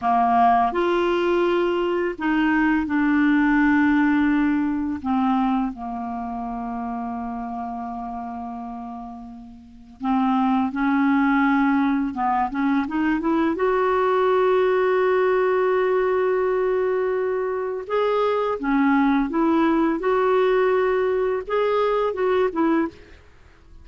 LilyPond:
\new Staff \with { instrumentName = "clarinet" } { \time 4/4 \tempo 4 = 84 ais4 f'2 dis'4 | d'2. c'4 | ais1~ | ais2 c'4 cis'4~ |
cis'4 b8 cis'8 dis'8 e'8 fis'4~ | fis'1~ | fis'4 gis'4 cis'4 e'4 | fis'2 gis'4 fis'8 e'8 | }